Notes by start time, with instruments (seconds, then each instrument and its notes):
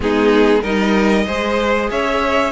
0.00 cello G#3, viola B3, violin D#4 G#4
0.61 cello G3, viola D#4, violin A#4 D#5
1.26 cello G#3, viola G#4, violin C5
1.90 cello C#4, violin C#5 E5